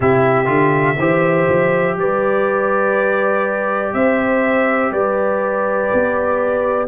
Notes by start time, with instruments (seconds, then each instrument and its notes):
0.00 tuba C3, trombone E4, horn G4, trumpet E5
0.45 tuba D3, trombone F4
0.98 tuba E3, trombone G4, horn C5
1.48 tuba F3
1.97 tuba G3, horn B4, trumpet D5
3.93 tuba C4, horn C5, trumpet E5
4.91 tuba G3, horn B4, trumpet D5
5.93 tuba B3